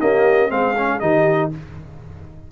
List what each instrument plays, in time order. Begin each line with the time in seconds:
0.00 trombone A#3, tuba C#4, horn G4, trumpet D#5
0.49 tuba G#3, trombone C4, horn G#4, trumpet F5
0.77 trombone C#4
0.99 tuba D#3, trombone D#4, horn G4, trumpet D#5